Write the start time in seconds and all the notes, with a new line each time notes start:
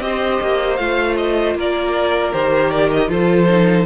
0.00 C4 G4 D#5
0.06 C5
0.42 A#3
0.76 A3 F4 F5
1.17 D#5
1.55 A#3 A#4 D5
2.32 D#3 G4 C5
2.71 D5
2.91 D#5
3.08 F3 F4 A4 C5
3.48 D#4